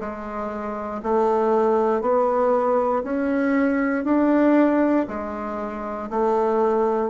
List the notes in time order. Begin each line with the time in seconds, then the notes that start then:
0.00 G#3
1.03 A3
2.02 B3
3.04 C#4
4.04 D4
5.08 G#3
6.10 A3